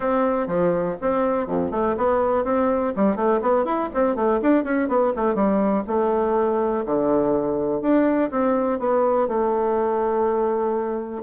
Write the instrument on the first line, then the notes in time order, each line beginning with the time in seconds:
bassoon
0.00 C4
0.47 F3
1.01 C4
1.46 F2
1.71 A3
1.97 B3
2.44 C4
2.96 G3
3.16 A3
3.41 B3
3.64 E4
3.94 C4
4.15 A3
4.41 D4
4.64 C#4
4.88 B3
5.16 A3
5.35 G3
5.87 A3
6.85 D3
7.81 D4
8.30 C4
8.79 B3
9.27 A3